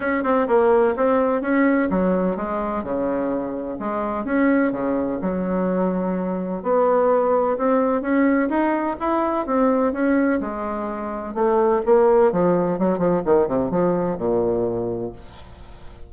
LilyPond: \new Staff \with { instrumentName = "bassoon" } { \time 4/4 \tempo 4 = 127 cis'8 c'8 ais4 c'4 cis'4 | fis4 gis4 cis2 | gis4 cis'4 cis4 fis4~ | fis2 b2 |
c'4 cis'4 dis'4 e'4 | c'4 cis'4 gis2 | a4 ais4 f4 fis8 f8 | dis8 c8 f4 ais,2 | }